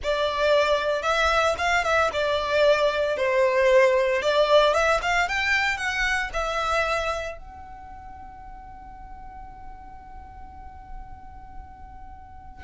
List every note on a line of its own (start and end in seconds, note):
0.03 1.02 D5
1.02 1.55 E5
1.57 1.83 F5
1.83 2.10 E5
2.12 3.16 D5
3.16 4.22 C5
4.22 4.74 D5
4.74 5.00 E5
5.01 5.28 F5
5.28 5.77 G5
5.77 6.30 F#5
6.33 7.38 E5
7.38 12.63 F#5